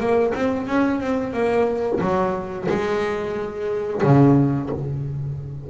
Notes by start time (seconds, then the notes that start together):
0.00 A#3
0.35 C4
0.67 C#4
1.01 C4
1.33 A#3
2.01 F#3
2.69 G#3
4.03 C#3